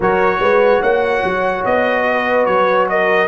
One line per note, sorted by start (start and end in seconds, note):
0.00 0.40 F#3
0.00 3.28 F#4
0.00 0.38 A#4
0.00 0.82 C#5
0.40 0.81 G#3
0.40 0.80 B4
0.80 1.23 A#3
0.80 2.04 C#5
0.80 1.64 F#5
1.23 1.65 F#3
1.65 2.47 B3
1.65 2.45 D#5
2.10 2.90 B4
2.45 3.28 F#3
2.45 2.86 C#5
2.89 3.28 A#4
2.89 3.28 D#5